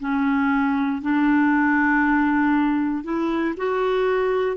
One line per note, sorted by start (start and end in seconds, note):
0.00 1.02 C#4
1.02 3.04 D4
3.04 3.55 E4
3.57 4.57 F#4